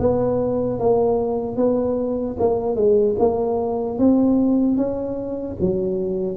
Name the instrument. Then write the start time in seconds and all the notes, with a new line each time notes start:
tuba
0.00 B3
0.80 A#3
1.57 B3
2.40 A#3
2.76 G#3
3.19 A#3
3.99 C4
4.77 C#4
5.61 F#3